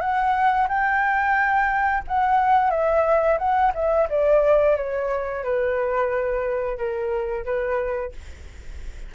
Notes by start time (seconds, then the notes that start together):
0.00 F#5
0.68 G5
2.07 F#5
2.70 E5
3.38 F#5
3.74 E5
4.09 D5
4.76 C#5
5.43 B4
6.77 A#4
7.44 B4